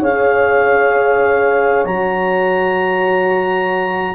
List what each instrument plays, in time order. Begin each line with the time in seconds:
0.00 tuba C#4, horn G#4 C#5, clarinet F5
1.85 tuba F#3, horn F#4, clarinet A#5